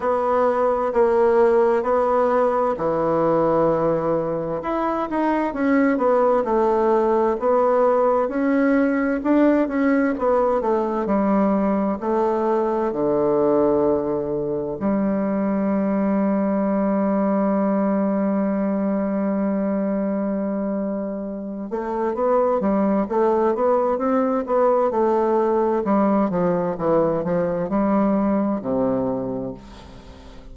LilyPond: \new Staff \with { instrumentName = "bassoon" } { \time 4/4 \tempo 4 = 65 b4 ais4 b4 e4~ | e4 e'8 dis'8 cis'8 b8 a4 | b4 cis'4 d'8 cis'8 b8 a8 | g4 a4 d2 |
g1~ | g2.~ g8 a8 | b8 g8 a8 b8 c'8 b8 a4 | g8 f8 e8 f8 g4 c4 | }